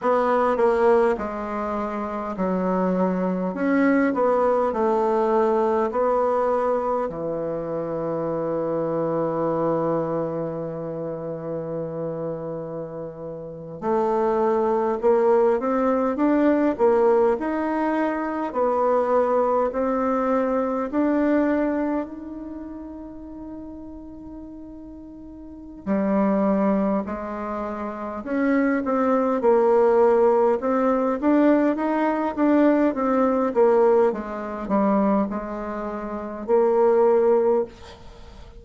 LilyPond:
\new Staff \with { instrumentName = "bassoon" } { \time 4/4 \tempo 4 = 51 b8 ais8 gis4 fis4 cis'8 b8 | a4 b4 e2~ | e2.~ e8. a16~ | a8. ais8 c'8 d'8 ais8 dis'4 b16~ |
b8. c'4 d'4 dis'4~ dis'16~ | dis'2 g4 gis4 | cis'8 c'8 ais4 c'8 d'8 dis'8 d'8 | c'8 ais8 gis8 g8 gis4 ais4 | }